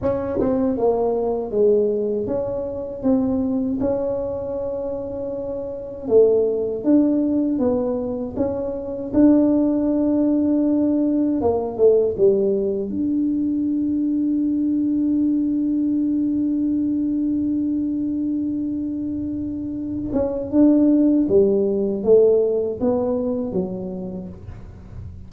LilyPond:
\new Staff \with { instrumentName = "tuba" } { \time 4/4 \tempo 4 = 79 cis'8 c'8 ais4 gis4 cis'4 | c'4 cis'2. | a4 d'4 b4 cis'4 | d'2. ais8 a8 |
g4 d'2.~ | d'1~ | d'2~ d'8 cis'8 d'4 | g4 a4 b4 fis4 | }